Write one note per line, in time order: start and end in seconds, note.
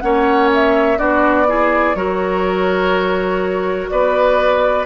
0.00 0.99 A#3
0.00 0.97 C#4
0.00 0.98 C#5
0.00 0.48 F#5
0.54 0.98 E5
0.97 1.95 B3
0.97 1.46 D4
0.97 1.47 F#4
0.97 1.95 D5
1.47 1.95 E4
1.47 1.96 G#4
1.95 3.88 F#3
1.95 4.85 F#4
1.95 3.90 A#4
1.95 3.88 C#5
3.89 4.85 B3
3.89 4.85 B4
3.89 4.85 D5